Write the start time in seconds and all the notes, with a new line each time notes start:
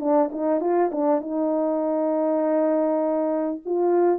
0.00 D4
0.32 D#4
0.61 F4
0.92 D4
1.21 D#4
3.65 F4